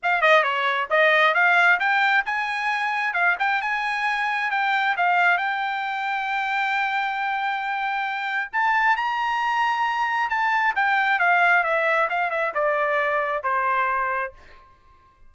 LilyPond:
\new Staff \with { instrumentName = "trumpet" } { \time 4/4 \tempo 4 = 134 f''8 dis''8 cis''4 dis''4 f''4 | g''4 gis''2 f''8 g''8 | gis''2 g''4 f''4 | g''1~ |
g''2. a''4 | ais''2. a''4 | g''4 f''4 e''4 f''8 e''8 | d''2 c''2 | }